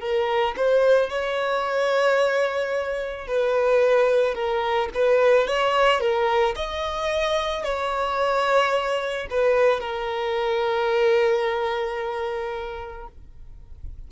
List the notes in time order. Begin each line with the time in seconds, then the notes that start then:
0.00 A#4
0.57 C5
1.10 C#5
3.27 B4
4.34 A#4
4.94 B4
5.47 C#5
6.00 A#4
6.56 D#5
7.64 C#5
9.30 B4
9.80 A#4